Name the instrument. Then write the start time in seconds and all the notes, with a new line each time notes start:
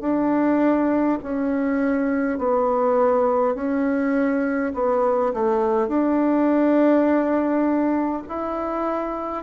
bassoon
0.00 D4
1.22 C#4
2.38 B3
3.55 C#4
4.73 B3
5.33 A3
5.87 D4
8.28 E4